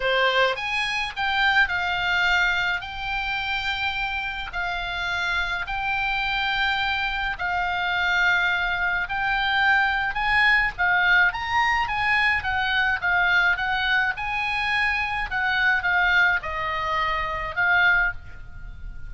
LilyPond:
\new Staff \with { instrumentName = "oboe" } { \time 4/4 \tempo 4 = 106 c''4 gis''4 g''4 f''4~ | f''4 g''2. | f''2 g''2~ | g''4 f''2. |
g''2 gis''4 f''4 | ais''4 gis''4 fis''4 f''4 | fis''4 gis''2 fis''4 | f''4 dis''2 f''4 | }